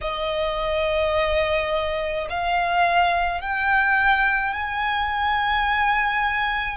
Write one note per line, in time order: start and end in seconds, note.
0.01 2.27 D#5
2.29 3.41 F5
3.41 4.53 G5
4.53 6.76 G#5